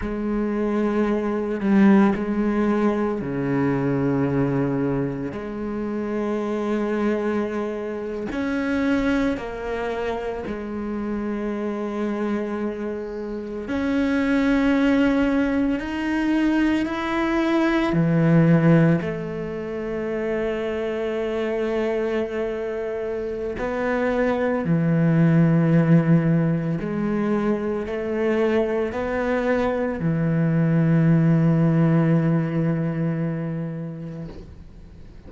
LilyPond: \new Staff \with { instrumentName = "cello" } { \time 4/4 \tempo 4 = 56 gis4. g8 gis4 cis4~ | cis4 gis2~ gis8. cis'16~ | cis'8. ais4 gis2~ gis16~ | gis8. cis'2 dis'4 e'16~ |
e'8. e4 a2~ a16~ | a2 b4 e4~ | e4 gis4 a4 b4 | e1 | }